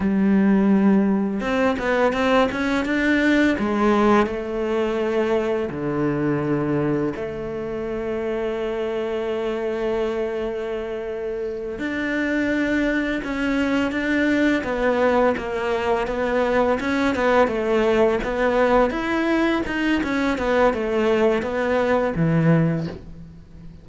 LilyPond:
\new Staff \with { instrumentName = "cello" } { \time 4/4 \tempo 4 = 84 g2 c'8 b8 c'8 cis'8 | d'4 gis4 a2 | d2 a2~ | a1~ |
a8 d'2 cis'4 d'8~ | d'8 b4 ais4 b4 cis'8 | b8 a4 b4 e'4 dis'8 | cis'8 b8 a4 b4 e4 | }